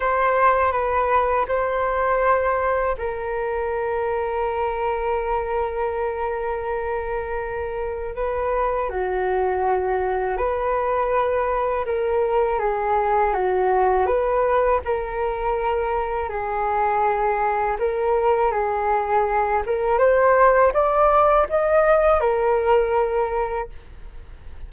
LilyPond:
\new Staff \with { instrumentName = "flute" } { \time 4/4 \tempo 4 = 81 c''4 b'4 c''2 | ais'1~ | ais'2. b'4 | fis'2 b'2 |
ais'4 gis'4 fis'4 b'4 | ais'2 gis'2 | ais'4 gis'4. ais'8 c''4 | d''4 dis''4 ais'2 | }